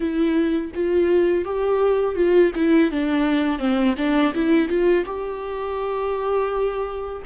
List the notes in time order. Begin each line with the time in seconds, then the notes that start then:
0.00 E4
0.74 F4
1.45 G4
2.15 F4
2.55 E4
2.91 D4
3.58 C4
3.97 D4
4.34 E4
4.68 F4
5.05 G4